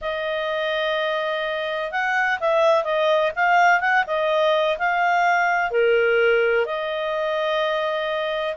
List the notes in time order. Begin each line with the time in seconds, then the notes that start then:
0.01 D#5
1.91 F#5
2.40 E5
2.84 D#5
3.35 F5
3.80 F#5
4.06 D#5
4.78 F5
5.71 A#4
6.65 D#5